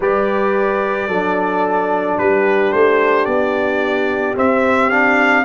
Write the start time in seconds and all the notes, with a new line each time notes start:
0.00 G3 G4 B4 D5
1.08 F#3 D4 A4
2.17 G3 G4 B4
2.72 A3 C5
3.25 B3 D5
4.36 C4 E5
4.90 D4 F5